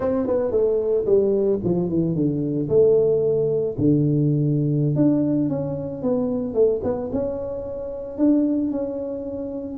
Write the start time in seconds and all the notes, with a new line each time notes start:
0.00 C4
0.26 B3
0.51 A3
1.05 G3
1.64 F3
1.89 E3
2.15 D3
2.69 A3
3.78 D3
4.95 D4
5.49 C#4
6.02 B3
6.54 A3
6.83 B3
7.12 C#4
8.18 D4
8.71 C#4